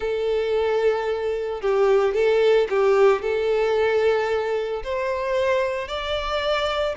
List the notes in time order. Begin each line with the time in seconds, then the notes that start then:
0.00 A4
1.61 G4
2.14 A4
2.69 G4
3.22 A4
4.83 C5
5.88 D5